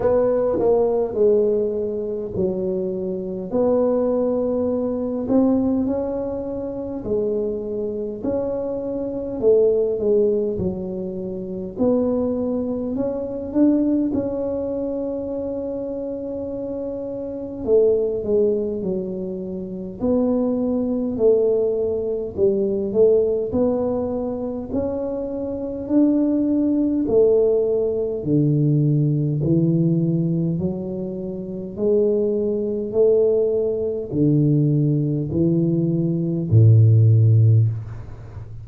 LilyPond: \new Staff \with { instrumentName = "tuba" } { \time 4/4 \tempo 4 = 51 b8 ais8 gis4 fis4 b4~ | b8 c'8 cis'4 gis4 cis'4 | a8 gis8 fis4 b4 cis'8 d'8 | cis'2. a8 gis8 |
fis4 b4 a4 g8 a8 | b4 cis'4 d'4 a4 | d4 e4 fis4 gis4 | a4 d4 e4 a,4 | }